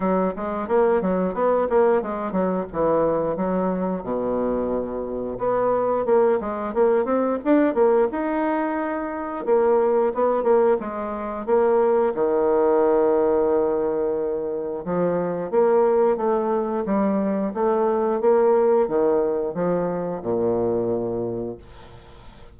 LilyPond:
\new Staff \with { instrumentName = "bassoon" } { \time 4/4 \tempo 4 = 89 fis8 gis8 ais8 fis8 b8 ais8 gis8 fis8 | e4 fis4 b,2 | b4 ais8 gis8 ais8 c'8 d'8 ais8 | dis'2 ais4 b8 ais8 |
gis4 ais4 dis2~ | dis2 f4 ais4 | a4 g4 a4 ais4 | dis4 f4 ais,2 | }